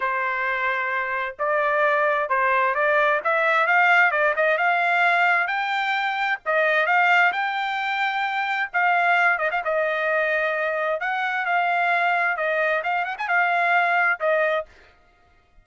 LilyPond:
\new Staff \with { instrumentName = "trumpet" } { \time 4/4 \tempo 4 = 131 c''2. d''4~ | d''4 c''4 d''4 e''4 | f''4 d''8 dis''8 f''2 | g''2 dis''4 f''4 |
g''2. f''4~ | f''8 dis''16 f''16 dis''2. | fis''4 f''2 dis''4 | f''8 fis''16 gis''16 f''2 dis''4 | }